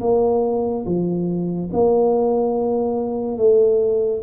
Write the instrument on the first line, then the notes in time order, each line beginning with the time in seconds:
tuba
0.00 A#3
0.86 F3
1.72 A#3
3.37 A3